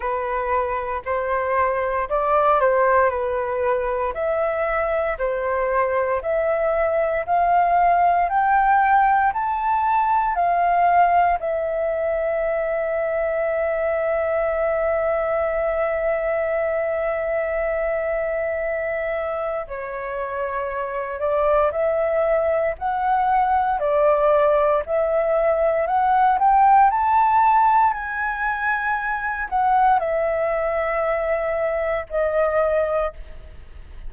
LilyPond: \new Staff \with { instrumentName = "flute" } { \time 4/4 \tempo 4 = 58 b'4 c''4 d''8 c''8 b'4 | e''4 c''4 e''4 f''4 | g''4 a''4 f''4 e''4~ | e''1~ |
e''2. cis''4~ | cis''8 d''8 e''4 fis''4 d''4 | e''4 fis''8 g''8 a''4 gis''4~ | gis''8 fis''8 e''2 dis''4 | }